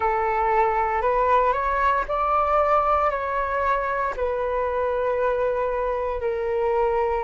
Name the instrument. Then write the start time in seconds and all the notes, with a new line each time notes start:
flute
0.00 A4
1.01 B4
1.52 C#5
2.07 D5
3.10 C#5
4.16 B4
6.20 A#4